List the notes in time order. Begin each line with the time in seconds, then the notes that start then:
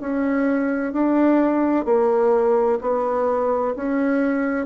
0.00 C#4
0.92 D4
1.85 A#3
2.81 B3
3.75 C#4